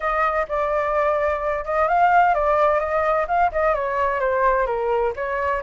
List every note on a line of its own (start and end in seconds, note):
0.00 0.46 D#5
0.48 1.64 D5
1.64 1.88 D#5
1.88 2.34 F5
2.34 2.79 D5
2.79 3.26 D#5
3.27 3.51 F5
3.52 3.74 D#5
3.74 4.20 C#5
4.20 4.66 C5
4.66 5.13 A#4
5.15 5.62 C#5